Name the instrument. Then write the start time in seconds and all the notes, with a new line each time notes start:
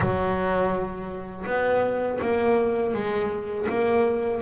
double bass
0.00 F#3
1.46 B3
2.22 A#3
2.94 G#3
3.68 A#3